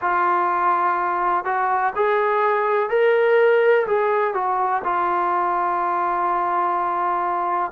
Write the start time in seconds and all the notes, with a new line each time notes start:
0.00 F4
1.45 F#4
1.95 G#4
2.89 A#4
3.86 G#4
4.33 F#4
4.84 F4